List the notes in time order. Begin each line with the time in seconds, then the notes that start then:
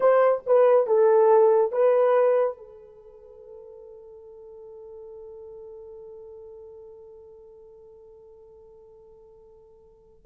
0.00 C5
0.46 B4
0.86 A4
1.71 B4
2.57 A4